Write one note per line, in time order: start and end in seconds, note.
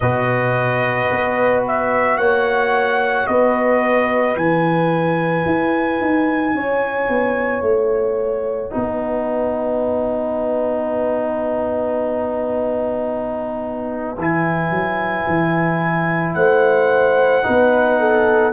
0.00 1.09 B2
0.00 4.37 F#4
0.00 2.18 B4
0.00 1.63 D#5
1.11 2.17 B3
1.67 2.17 E5
2.17 3.26 A#3
2.17 3.27 C#5
2.17 3.26 F#5
3.26 4.35 B3
3.26 6.55 B4
3.26 4.35 D#5
4.35 5.45 E3
4.35 8.70 E4
4.35 7.63 G#5
5.45 6.00 E4
6.00 6.54 D#4
6.54 7.08 C#4
6.54 8.71 C#5
7.08 7.61 B3
7.61 8.70 A3
7.61 14.17 F#5
8.70 14.17 B3
8.70 14.15 D#4
8.70 16.35 B4
14.17 14.70 E3
14.17 17.42 E4
14.17 16.34 G#5
14.70 15.25 F#3
15.27 16.35 E3
16.34 17.44 A3
16.34 17.45 C5
16.34 18.52 F#5
17.42 18.52 B3
17.42 18.51 D#4
17.42 17.99 B4
17.99 18.52 A4